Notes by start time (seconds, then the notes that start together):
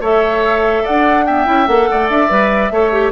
0.00 A3 A4 C#5 E5
0.83 D4 D5 F#5
1.26 B3 E5 G5
1.45 C#4 E4
1.66 A#3 A4 F#5
1.90 A3 D5
2.09 D4 E5
2.29 G3 B4
2.71 A3 A4 C#5
2.92 G4